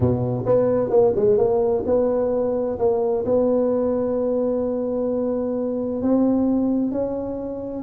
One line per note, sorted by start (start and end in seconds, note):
0.00 0.45 B2
0.45 0.90 B3
0.90 1.13 A#3
1.15 1.37 G#3
1.37 1.83 A#3
1.86 2.78 B3
2.78 3.25 A#3
3.25 6.01 B3
6.01 6.91 C4
6.91 7.83 C#4